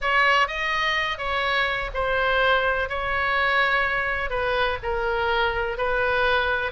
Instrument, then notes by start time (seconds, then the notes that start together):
oboe
0.01 C#5
0.47 D#5
1.18 C#5
1.93 C5
2.89 C#5
4.30 B4
4.82 A#4
5.77 B4